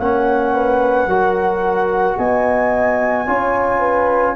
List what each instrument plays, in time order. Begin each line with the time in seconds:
0.00 tuba A#3, trombone C#4, horn C#5, flute F#5
0.54 horn B4
1.07 tuba F#3, trombone F#4, horn A#4
2.18 tuba B3, horn D#5, flute G#5
3.27 tuba C#4, trombone F4, horn C#5
3.80 horn B4